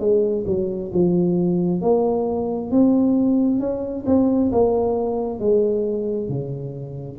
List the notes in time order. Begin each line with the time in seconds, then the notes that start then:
0.00 G#3
0.47 F#3
0.94 F3
1.82 A#3
2.71 C4
3.60 C#4
4.06 C4
4.52 A#3
5.40 G#3
6.29 C#3